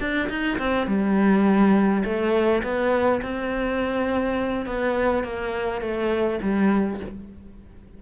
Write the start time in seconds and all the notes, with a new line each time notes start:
0.00 D4
0.29 D#4
0.59 C4
0.87 G3
2.05 A3
2.63 B3
3.23 C4
4.67 B3
5.24 A#3
5.81 A3
6.42 G3